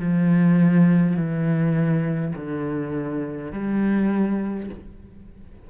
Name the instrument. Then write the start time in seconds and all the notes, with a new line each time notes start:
cello
0.00 F3
1.17 E3
2.36 D3
3.52 G3